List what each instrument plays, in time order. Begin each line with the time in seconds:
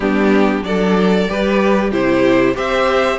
0.00 cello G3, viola B3, violin D4 G4
0.62 cello F#3, viola D4, violin A4 D5
1.28 cello G3, viola G4, violin B4
1.90 cello C3, viola E4, violin G4 C5
2.54 cello C4, viola G4, violin C5 E5